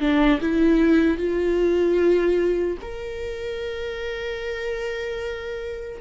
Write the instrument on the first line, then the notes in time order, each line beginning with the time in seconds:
viola
0.00 D4
0.41 E4
1.18 F4
2.81 A#4